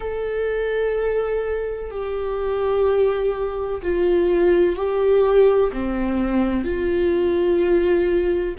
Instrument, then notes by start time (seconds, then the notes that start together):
viola
0.00 A4
1.90 G4
3.82 F4
4.76 G4
5.72 C4
6.64 F4